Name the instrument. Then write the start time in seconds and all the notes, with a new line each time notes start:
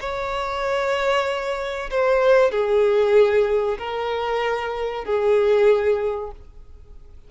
violin
0.00 C#5
1.90 C5
2.51 G#4
3.78 A#4
5.04 G#4